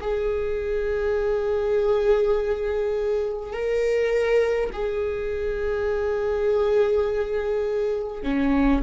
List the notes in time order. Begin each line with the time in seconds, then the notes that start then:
0.00 G#4
3.52 A#4
4.72 G#4
8.23 C#4